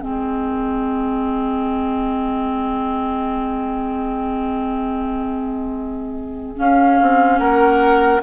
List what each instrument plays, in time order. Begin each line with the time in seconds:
0.00 bassoon G#3, clarinet C4, oboe G#4, flute D#5
6.56 clarinet C#4, bassoon C#4, flute F5
7.01 bassoon C4
7.38 bassoon A#3, oboe A#4, flute F#5